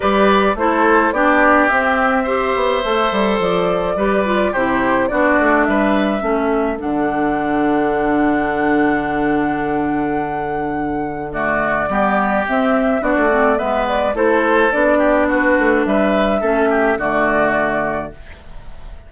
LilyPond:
<<
  \new Staff \with { instrumentName = "flute" } { \time 4/4 \tempo 4 = 106 d''4 c''4 d''4 e''4~ | e''2 d''2 | c''4 d''4 e''2 | fis''1~ |
fis''1 | d''2 e''4 d''4 | e''8 d''8 c''4 d''4 b'4 | e''2 d''2 | }
  \new Staff \with { instrumentName = "oboe" } { \time 4/4 b'4 a'4 g'2 | c''2. b'4 | g'4 fis'4 b'4 a'4~ | a'1~ |
a'1 | fis'4 g'2 fis'4 | b'4 a'4. g'8 fis'4 | b'4 a'8 g'8 fis'2 | }
  \new Staff \with { instrumentName = "clarinet" } { \time 4/4 g'4 e'4 d'4 c'4 | g'4 a'2 g'8 f'8 | e'4 d'2 cis'4 | d'1~ |
d'1 | a4 b4 c'4 d'8 c'8 | b4 e'4 d'2~ | d'4 cis'4 a2 | }
  \new Staff \with { instrumentName = "bassoon" } { \time 4/4 g4 a4 b4 c'4~ | c'8 b8 a8 g8 f4 g4 | c4 b8 a8 g4 a4 | d1~ |
d1~ | d4 g4 c'4 b16 a8. | gis4 a4 b4. a8 | g4 a4 d2 | }
>>